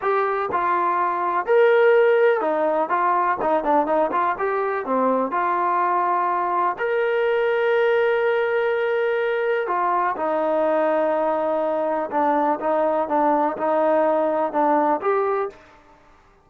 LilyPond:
\new Staff \with { instrumentName = "trombone" } { \time 4/4 \tempo 4 = 124 g'4 f'2 ais'4~ | ais'4 dis'4 f'4 dis'8 d'8 | dis'8 f'8 g'4 c'4 f'4~ | f'2 ais'2~ |
ais'1 | f'4 dis'2.~ | dis'4 d'4 dis'4 d'4 | dis'2 d'4 g'4 | }